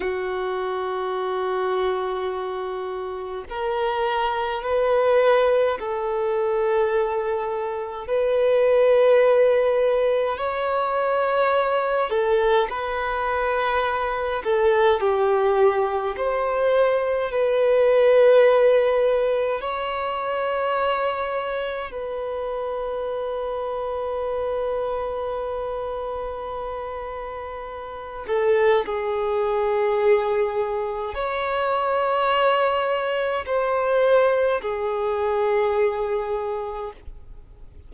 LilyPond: \new Staff \with { instrumentName = "violin" } { \time 4/4 \tempo 4 = 52 fis'2. ais'4 | b'4 a'2 b'4~ | b'4 cis''4. a'8 b'4~ | b'8 a'8 g'4 c''4 b'4~ |
b'4 cis''2 b'4~ | b'1~ | b'8 a'8 gis'2 cis''4~ | cis''4 c''4 gis'2 | }